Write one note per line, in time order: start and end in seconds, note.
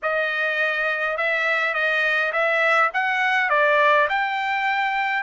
0.02 1.17 D#5
1.17 1.73 E5
1.73 2.32 D#5
2.32 2.90 E5
2.93 3.49 F#5
3.49 4.08 D5
4.09 5.23 G5